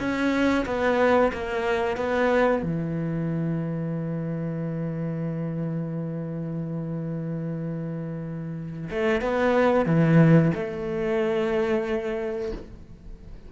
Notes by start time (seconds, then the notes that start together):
0.00 C#4
0.66 B3
1.33 A#3
1.97 B3
2.63 E3
8.90 A3
9.22 B3
9.86 E3
10.55 A3